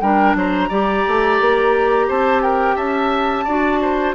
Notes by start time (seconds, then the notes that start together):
0.00 G3 D4 A#4 G5
0.34 F#3 C5 A#5
0.68 G3 G4 D5
1.07 A3
1.40 A#3
2.08 C4 C5 A5
2.42 A#4 G5
2.75 C#4 E5 A5
3.44 D4 F#4 D5
3.81 C5